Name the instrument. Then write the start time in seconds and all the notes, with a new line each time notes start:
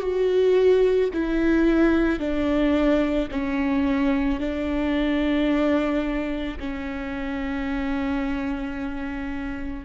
viola
0.00 F#4
1.14 E4
2.19 D4
3.31 C#4
4.40 D4
6.60 C#4